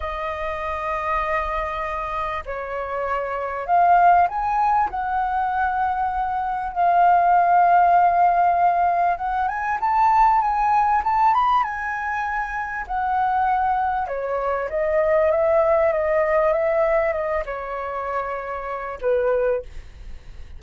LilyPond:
\new Staff \with { instrumentName = "flute" } { \time 4/4 \tempo 4 = 98 dis''1 | cis''2 f''4 gis''4 | fis''2. f''4~ | f''2. fis''8 gis''8 |
a''4 gis''4 a''8 b''8 gis''4~ | gis''4 fis''2 cis''4 | dis''4 e''4 dis''4 e''4 | dis''8 cis''2~ cis''8 b'4 | }